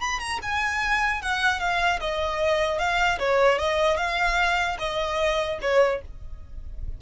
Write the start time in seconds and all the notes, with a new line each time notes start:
0.00 B5
0.19 A#5
0.42 G#5
1.22 F#5
1.60 F5
2.00 D#5
2.79 F5
3.19 C#5
3.58 D#5
3.97 F5
4.79 D#5
5.61 C#5